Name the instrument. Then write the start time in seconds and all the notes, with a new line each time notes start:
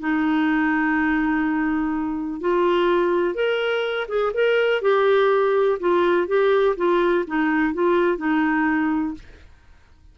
clarinet
0.00 D#4
2.40 F4
3.35 A#4
4.08 G#4
4.34 A#4
4.82 G4
5.80 F4
6.27 G4
6.77 F4
7.27 D#4
7.74 F4
8.18 D#4